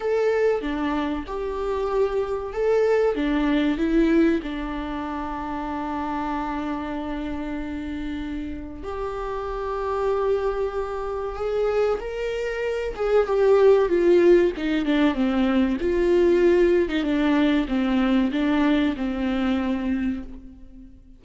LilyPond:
\new Staff \with { instrumentName = "viola" } { \time 4/4 \tempo 4 = 95 a'4 d'4 g'2 | a'4 d'4 e'4 d'4~ | d'1~ | d'2 g'2~ |
g'2 gis'4 ais'4~ | ais'8 gis'8 g'4 f'4 dis'8 d'8 | c'4 f'4.~ f'16 dis'16 d'4 | c'4 d'4 c'2 | }